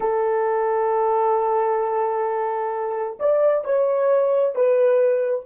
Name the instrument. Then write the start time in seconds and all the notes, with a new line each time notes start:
horn
0.00 A4
3.19 D5
3.64 C#5
4.55 B4